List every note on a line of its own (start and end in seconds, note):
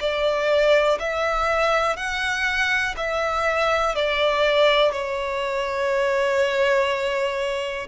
0.00 0.98 D5
0.99 1.96 E5
1.96 2.95 F#5
2.97 3.95 E5
3.95 4.92 D5
4.92 7.87 C#5